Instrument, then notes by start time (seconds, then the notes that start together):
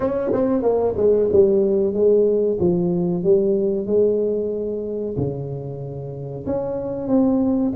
tuba
0.00 C#4
0.33 C4
0.62 A#3
0.96 G#3
1.32 G3
1.93 G#3
2.60 F3
3.23 G3
3.86 G#3
5.17 C#3
6.46 C#4
7.08 C4